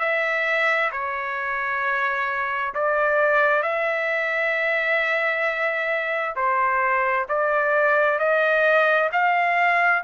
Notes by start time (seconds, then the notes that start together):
0.00 E5
0.92 C#5
2.74 D5
3.63 E5
6.36 C5
7.29 D5
8.19 D#5
9.12 F5